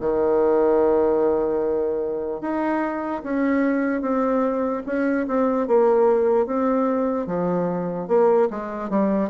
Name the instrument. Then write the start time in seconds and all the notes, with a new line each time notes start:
bassoon
0.00 D#3
2.41 D#4
3.23 C#4
4.01 C4
4.86 C#4
5.27 C4
5.67 A#3
6.46 C4
7.26 F3
8.07 A#3
8.50 G#3
8.89 G3